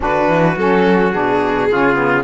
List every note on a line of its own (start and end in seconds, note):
0.00 0.27 D3
0.00 0.54 D4
0.00 1.70 F#4
0.00 0.57 B4
0.27 0.55 E3
0.57 1.13 F#3
0.57 1.12 C#4
0.57 1.12 A4
1.12 1.69 B2
1.12 1.69 D4
1.12 2.24 G#4
1.71 2.24 C#3
1.71 1.94 C#4
1.71 2.24 F4
1.94 2.22 B3